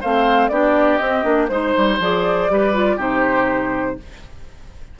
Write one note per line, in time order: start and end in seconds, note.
0.00 0.49 A3
0.00 0.51 C4
0.00 0.50 C5
0.00 0.48 F5
0.48 0.99 B3
0.48 0.99 D4
0.48 1.50 G4
0.48 0.97 D5
0.97 1.23 C4
0.97 1.24 C4
0.97 1.46 D#5
1.23 1.48 A#3
1.23 1.48 D4
1.48 1.74 G#3
1.48 2.00 D#4
1.48 1.97 C5
1.48 2.51 C5
1.77 1.99 G3
1.99 2.48 F3
1.99 2.49 G#4
1.99 3.00 D5
2.49 2.97 G3
2.49 2.73 G4
2.49 2.96 B4
2.73 2.98 F4
2.96 3.96 C3
2.96 3.97 D#4
2.96 3.95 G4
2.96 3.99 C5